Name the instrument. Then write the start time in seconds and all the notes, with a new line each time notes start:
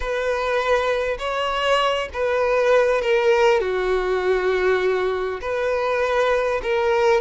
violin
0.00 B4
1.18 C#5
2.13 B4
3.01 A#4
3.60 F#4
5.41 B4
6.62 A#4